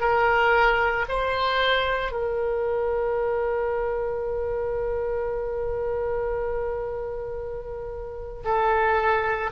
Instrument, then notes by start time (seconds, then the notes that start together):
oboe
0.00 A#4
1.09 C5
2.12 A#4
8.44 A4